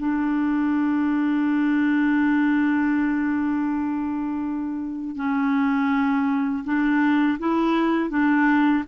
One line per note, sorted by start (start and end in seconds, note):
0.00 5.16 D4
5.16 6.64 C#4
6.65 7.39 D4
7.39 8.10 E4
8.10 8.84 D4